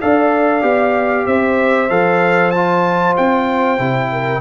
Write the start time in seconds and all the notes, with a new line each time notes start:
0.00 D4 A4 D5 F5
0.62 B3 G4
1.26 C4 C5 E5
1.89 F3 A4 F5
2.51 F4 A5
3.17 C4 G5
3.78 C3 E4
4.12 A#4